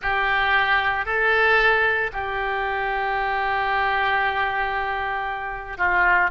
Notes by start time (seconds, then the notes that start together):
0.01 G4
1.05 A4
2.12 G4
5.77 F4